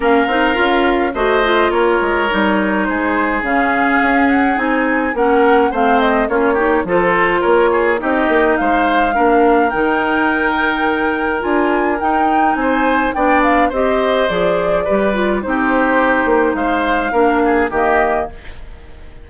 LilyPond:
<<
  \new Staff \with { instrumentName = "flute" } { \time 4/4 \tempo 4 = 105 f''2 dis''4 cis''4~ | cis''4 c''4 f''4. fis''8 | gis''4 fis''4 f''8 dis''8 cis''4 | c''4 cis''4 dis''4 f''4~ |
f''4 g''2. | gis''4 g''4 gis''4 g''8 f''8 | dis''4 d''2 c''4~ | c''4 f''2 dis''4 | }
  \new Staff \with { instrumentName = "oboe" } { \time 4/4 ais'2 c''4 ais'4~ | ais'4 gis'2.~ | gis'4 ais'4 c''4 f'8 g'8 | a'4 ais'8 gis'8 g'4 c''4 |
ais'1~ | ais'2 c''4 d''4 | c''2 b'4 g'4~ | g'4 c''4 ais'8 gis'8 g'4 | }
  \new Staff \with { instrumentName = "clarinet" } { \time 4/4 cis'8 dis'8 f'4 fis'8 f'4. | dis'2 cis'2 | dis'4 cis'4 c'4 cis'8 dis'8 | f'2 dis'2 |
d'4 dis'2. | f'4 dis'2 d'4 | g'4 gis'4 g'8 f'8 dis'4~ | dis'2 d'4 ais4 | }
  \new Staff \with { instrumentName = "bassoon" } { \time 4/4 ais8 c'8 cis'4 a4 ais8 gis8 | g4 gis4 cis4 cis'4 | c'4 ais4 a4 ais4 | f4 ais4 c'8 ais8 gis4 |
ais4 dis2. | d'4 dis'4 c'4 b4 | c'4 f4 g4 c'4~ | c'8 ais8 gis4 ais4 dis4 | }
>>